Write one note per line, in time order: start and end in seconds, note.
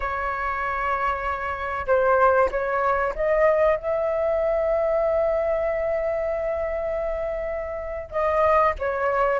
0.00 1.86 C#5
1.87 2.49 C5
2.51 3.13 C#5
3.15 3.76 D#5
3.76 8.11 E5
8.11 8.73 D#5
8.78 9.39 C#5